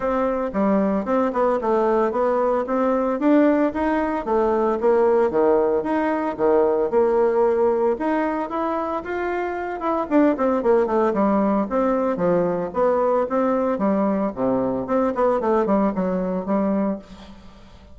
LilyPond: \new Staff \with { instrumentName = "bassoon" } { \time 4/4 \tempo 4 = 113 c'4 g4 c'8 b8 a4 | b4 c'4 d'4 dis'4 | a4 ais4 dis4 dis'4 | dis4 ais2 dis'4 |
e'4 f'4. e'8 d'8 c'8 | ais8 a8 g4 c'4 f4 | b4 c'4 g4 c4 | c'8 b8 a8 g8 fis4 g4 | }